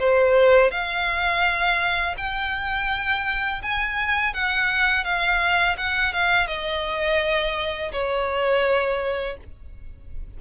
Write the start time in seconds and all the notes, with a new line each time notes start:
0.00 C5
0.71 F5
2.18 G5
3.63 G#5
4.34 F#5
5.04 F5
5.78 F#5
6.13 F5
6.48 D#5
7.93 C#5